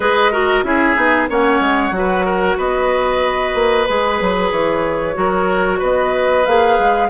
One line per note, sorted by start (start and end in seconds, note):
0.00 0.62 G#3
0.00 0.32 G#4
0.00 0.31 B4
0.00 0.63 D#5
0.31 0.64 F#4
0.31 0.64 A#4
0.63 0.95 C#4
0.63 0.95 E4
0.63 1.29 G#4
0.63 1.28 E5
0.95 1.28 B3
0.95 1.27 D#4
1.28 1.60 A#3
1.28 1.92 C#4
1.28 1.94 C#5
1.28 2.59 F#5
1.60 1.91 G#3
1.91 2.55 F#3
1.91 3.86 F#4
1.98 2.25 B4
2.25 2.57 A#4
2.57 3.54 B3
2.57 5.15 B4
2.57 3.85 D#5
3.54 3.86 A#3
3.85 4.21 G#3
3.85 5.14 G#4
3.85 4.49 B4
4.21 4.51 F#3
4.51 5.15 E3
4.51 5.80 C#5
5.14 5.81 F#3
5.14 6.43 F#4
5.14 5.78 A#4
5.78 6.46 B3
5.78 7.08 B4
5.78 6.45 D#5
6.45 6.78 A#3
6.45 7.09 G#4
6.45 7.09 F5
6.79 7.09 G#3